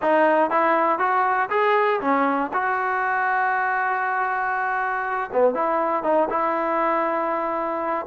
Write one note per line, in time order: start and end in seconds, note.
0.01 0.50 D#4
0.50 0.99 E4
0.99 1.49 F#4
1.50 2.00 G#4
2.00 2.51 C#4
2.53 5.30 F#4
5.32 5.54 B3
5.54 6.03 E4
6.03 6.28 D#4
6.29 8.06 E4